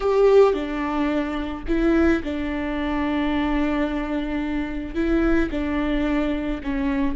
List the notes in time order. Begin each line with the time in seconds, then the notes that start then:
0.00 G4
0.53 D4
1.67 E4
2.23 D4
4.94 E4
5.50 D4
6.63 C#4